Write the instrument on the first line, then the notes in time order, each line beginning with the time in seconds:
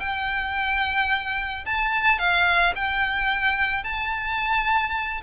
violin
0.00 G5
1.66 A5
2.19 F5
2.75 G5
3.84 A5